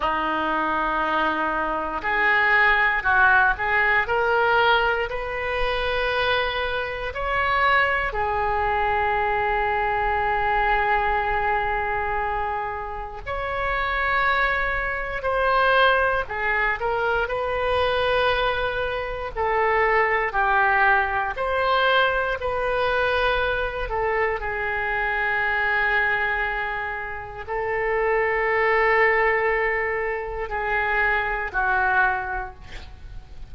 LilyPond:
\new Staff \with { instrumentName = "oboe" } { \time 4/4 \tempo 4 = 59 dis'2 gis'4 fis'8 gis'8 | ais'4 b'2 cis''4 | gis'1~ | gis'4 cis''2 c''4 |
gis'8 ais'8 b'2 a'4 | g'4 c''4 b'4. a'8 | gis'2. a'4~ | a'2 gis'4 fis'4 | }